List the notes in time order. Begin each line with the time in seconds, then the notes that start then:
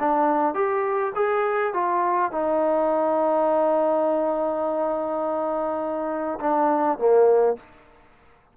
0.00 D4
0.55 G4
1.16 G#4
1.74 F4
2.32 D#4
6.41 D4
6.99 A#3